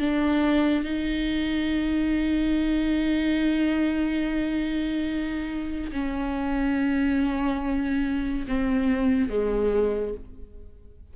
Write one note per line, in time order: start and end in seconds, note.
0.00 0.84 D4
0.84 5.91 D#4
5.92 8.46 C#4
8.48 9.30 C4
9.30 10.14 G#3